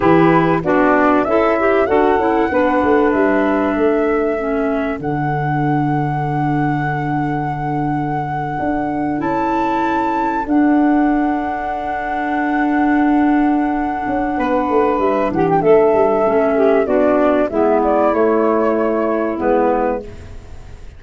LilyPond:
<<
  \new Staff \with { instrumentName = "flute" } { \time 4/4 \tempo 4 = 96 b'4 d''4 e''4 fis''4~ | fis''4 e''2. | fis''1~ | fis''2~ fis''8. a''4~ a''16~ |
a''8. fis''2.~ fis''16~ | fis''1 | e''8 fis''16 g''16 e''2 d''4 | e''8 d''8 cis''2 b'4 | }
  \new Staff \with { instrumentName = "saxophone" } { \time 4/4 g'4 fis'4 e'4 a'4 | b'2 a'2~ | a'1~ | a'1~ |
a'1~ | a'2. b'4~ | b'8 g'8 a'4. g'8 fis'4 | e'1 | }
  \new Staff \with { instrumentName = "clarinet" } { \time 4/4 e'4 d'4 a'8 g'8 fis'8 e'8 | d'2. cis'4 | d'1~ | d'2~ d'8. e'4~ e'16~ |
e'8. d'2.~ d'16~ | d'1~ | d'2 cis'4 d'4 | b4 a2 b4 | }
  \new Staff \with { instrumentName = "tuba" } { \time 4/4 e4 b4 cis'4 d'8 cis'8 | b8 a8 g4 a2 | d1~ | d4.~ d16 d'4 cis'4~ cis'16~ |
cis'8. d'2.~ d'16~ | d'2~ d'8 cis'8 b8 a8 | g8 e8 a8 g8 a4 b4 | gis4 a2 gis4 | }
>>